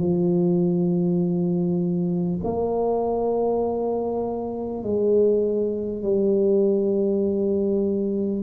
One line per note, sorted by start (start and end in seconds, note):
0.00 2.40 F3
2.44 4.84 A#3
4.84 6.03 G#3
6.03 8.43 G3